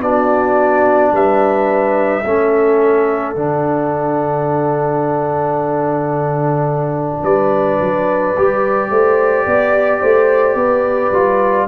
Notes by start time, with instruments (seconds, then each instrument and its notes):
0.00 tuba B3, trombone D4, horn F#4, trumpet D5
1.12 tuba G3, horn B4, trumpet E5
2.24 tuba A3, trombone C#4, horn A4
3.35 tuba D3, trombone D4, trumpet F#5
7.23 tuba G3, horn B4, trumpet D5
7.80 tuba F#3
8.37 tuba G3, trombone G4
8.90 tuba A3, horn C5
9.46 tuba B3, horn D5
10.01 tuba A3, horn C5
10.55 tuba B3, horn B4
11.11 tuba G3, trombone F4